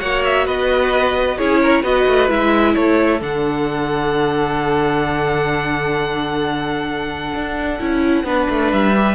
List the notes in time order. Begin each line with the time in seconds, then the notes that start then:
0.00 A#3 F#4 C#5 F#5
0.25 E5
0.46 B3 B4 D#5
1.38 C#4 E4 G#4 C#5
1.62 A#4
1.83 B3 F#4 B4 D#5
2.07 A3
2.29 G#3 E4 E5
2.74 A3 A4 C#5
3.21 D3 D4 F#5
7.34 D4
7.80 C#4 E4
8.24 B3 D4 B4
8.50 A3
8.72 G3 E5
8.95 G4